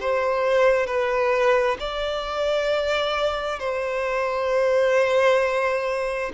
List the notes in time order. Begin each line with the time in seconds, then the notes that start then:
0.00 C5
0.86 B4
1.79 D5
3.59 C5